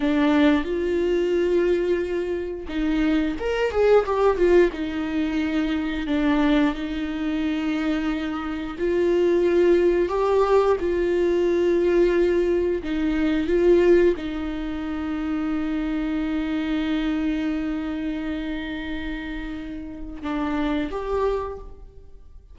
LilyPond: \new Staff \with { instrumentName = "viola" } { \time 4/4 \tempo 4 = 89 d'4 f'2. | dis'4 ais'8 gis'8 g'8 f'8 dis'4~ | dis'4 d'4 dis'2~ | dis'4 f'2 g'4 |
f'2. dis'4 | f'4 dis'2.~ | dis'1~ | dis'2 d'4 g'4 | }